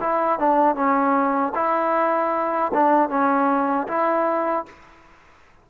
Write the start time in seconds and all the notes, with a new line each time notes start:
0.00 E4
0.39 D4
0.75 C#4
1.54 E4
2.73 D4
3.09 C#4
3.87 E4